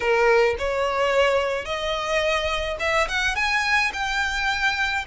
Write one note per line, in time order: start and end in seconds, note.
0.00 0.55 A#4
0.58 1.65 C#5
1.65 2.77 D#5
2.79 3.07 E5
3.08 3.35 F#5
3.35 3.91 G#5
3.93 5.05 G5